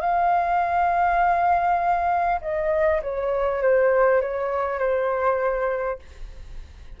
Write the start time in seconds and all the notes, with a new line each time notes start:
0.00 F5
2.41 D#5
3.02 C#5
3.62 C5
4.21 C#5
4.78 C5